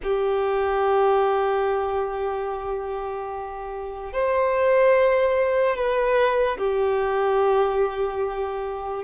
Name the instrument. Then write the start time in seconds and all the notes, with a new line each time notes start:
violin
0.03 G4
4.12 C5
5.76 B4
6.57 G4